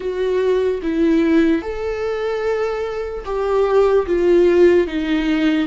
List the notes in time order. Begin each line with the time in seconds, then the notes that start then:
0.00 F#4
0.82 E4
1.62 A4
3.25 G4
4.06 F4
4.86 D#4